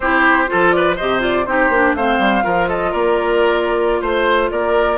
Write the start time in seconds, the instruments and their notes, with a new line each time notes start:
0.00 bassoon C4, clarinet E4, oboe G4, flute C5
0.46 clarinet F4, oboe A4
0.53 bassoon F3
0.70 oboe B4, flute D5
0.96 bassoon C3, clarinet G4, oboe C5, flute D#5
1.19 clarinet F4, flute D5
1.45 bassoon C4, clarinet D#4, oboe G4, flute C5
1.69 bassoon A#3, clarinet D4
1.93 bassoon A3, clarinet C4, oboe C5, flute F5
2.18 bassoon G3
2.42 bassoon F3, clarinet F4, oboe A#4
2.68 oboe A4, flute D#5
2.90 bassoon A#3, oboe A#4, flute D5
4.00 bassoon A3, flute C5, oboe C5
4.50 bassoon A#3, oboe A#4, flute D5